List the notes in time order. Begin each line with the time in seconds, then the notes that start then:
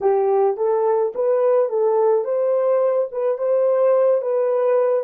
0.00 G4
0.56 A4
1.14 B4
1.69 A4
2.24 C5
3.11 B4
3.38 C5
4.21 B4